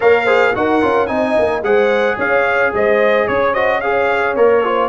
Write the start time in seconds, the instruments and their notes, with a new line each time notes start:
0.00 tuba A#3, trombone A#4, horn C#5, trumpet F5
0.25 trombone G#4, horn C5
0.54 tuba D#4, trombone F#4, horn A#4, trumpet F#5
0.81 tuba C#4, trombone F4
1.06 tuba C4, trombone D#4, horn D#5, trumpet G#5
1.38 tuba A#3
1.62 tuba G#3, trombone G#4, horn C5, trumpet F#5
2.16 tuba C#4, horn C#5, trumpet F5
2.73 tuba G#3, horn C5, trumpet D#5
3.27 tuba C#4, horn C#5, trumpet C#5
3.52 trombone F#4, horn C5, trumpet D#5
3.80 trombone G#4, horn C#5, trumpet F5
4.36 tuba A#3, trombone A#4, trumpet C#5
4.63 trombone F4, horn C5